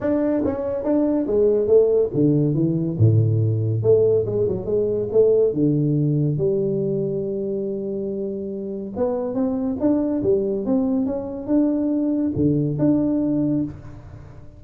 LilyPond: \new Staff \with { instrumentName = "tuba" } { \time 4/4 \tempo 4 = 141 d'4 cis'4 d'4 gis4 | a4 d4 e4 a,4~ | a,4 a4 gis8 fis8 gis4 | a4 d2 g4~ |
g1~ | g4 b4 c'4 d'4 | g4 c'4 cis'4 d'4~ | d'4 d4 d'2 | }